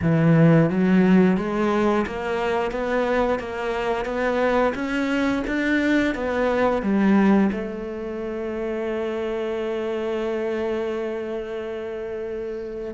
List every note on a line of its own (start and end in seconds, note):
0.02 0.69 E3
0.69 1.37 F#3
1.37 2.05 G#3
2.06 2.71 A#3
2.71 3.39 B3
3.39 4.05 A#3
4.05 4.73 B3
4.74 5.43 C#4
5.47 6.14 D4
6.14 6.82 B3
6.82 7.50 G3
7.52 12.94 A3